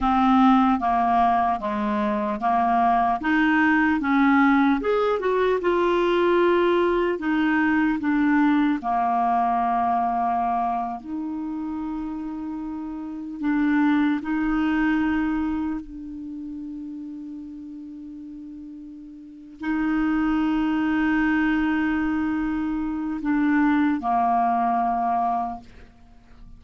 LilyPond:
\new Staff \with { instrumentName = "clarinet" } { \time 4/4 \tempo 4 = 75 c'4 ais4 gis4 ais4 | dis'4 cis'4 gis'8 fis'8 f'4~ | f'4 dis'4 d'4 ais4~ | ais4.~ ais16 dis'2~ dis'16~ |
dis'8. d'4 dis'2 d'16~ | d'1~ | d'8 dis'2.~ dis'8~ | dis'4 d'4 ais2 | }